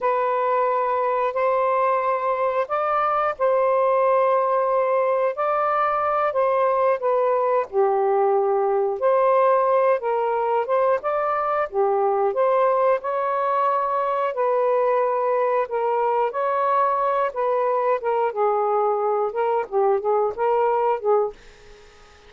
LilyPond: \new Staff \with { instrumentName = "saxophone" } { \time 4/4 \tempo 4 = 90 b'2 c''2 | d''4 c''2. | d''4. c''4 b'4 g'8~ | g'4. c''4. ais'4 |
c''8 d''4 g'4 c''4 cis''8~ | cis''4. b'2 ais'8~ | ais'8 cis''4. b'4 ais'8 gis'8~ | gis'4 ais'8 g'8 gis'8 ais'4 gis'8 | }